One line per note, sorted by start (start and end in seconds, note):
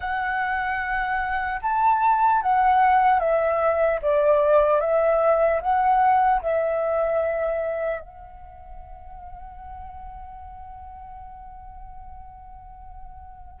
0.00 1.60 F#5
1.62 2.42 A5
2.42 3.19 F#5
3.19 3.99 E5
4.01 4.80 D5
4.80 5.60 E5
5.61 6.41 F#5
6.41 8.00 E5
8.00 13.60 F#5